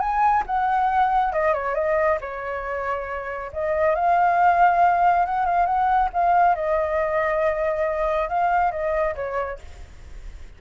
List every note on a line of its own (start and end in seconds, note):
0.00 0.43 G#5
0.47 1.33 F#5
1.33 1.54 D#5
1.54 1.75 C#5
1.75 2.19 D#5
2.21 3.51 C#5
3.53 3.95 D#5
3.95 5.26 F5
5.26 5.46 F#5
5.46 5.66 F5
5.66 6.09 F#5
6.13 6.56 F5
6.56 8.29 D#5
8.29 8.72 F5
8.72 9.15 D#5
9.15 9.59 C#5